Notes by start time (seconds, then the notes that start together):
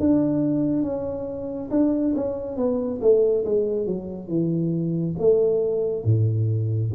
0.00 D4
0.83 C#4
1.71 D4
2.16 C#4
2.57 B3
3.02 A3
3.45 G#3
3.87 F#3
4.28 E3
5.19 A3
6.04 A2